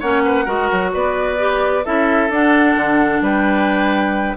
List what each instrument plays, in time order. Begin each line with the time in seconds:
0.00 bassoon A#3, clarinet C#4, oboe C#5, flute F#5
0.25 oboe B4
0.45 bassoon G#3, clarinet F#4, oboe A#4
0.72 bassoon F#3
0.94 bassoon B3, oboe B4, flute D5
1.39 clarinet G4
1.85 bassoon C#4, clarinet E4, oboe A4, flute E5
2.30 bassoon D4, clarinet D4, flute F#5
2.76 bassoon D3
3.22 bassoon G3, oboe B4, flute G5